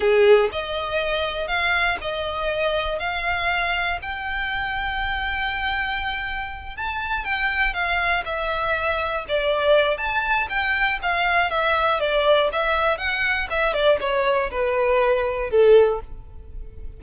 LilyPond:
\new Staff \with { instrumentName = "violin" } { \time 4/4 \tempo 4 = 120 gis'4 dis''2 f''4 | dis''2 f''2 | g''1~ | g''4. a''4 g''4 f''8~ |
f''8 e''2 d''4. | a''4 g''4 f''4 e''4 | d''4 e''4 fis''4 e''8 d''8 | cis''4 b'2 a'4 | }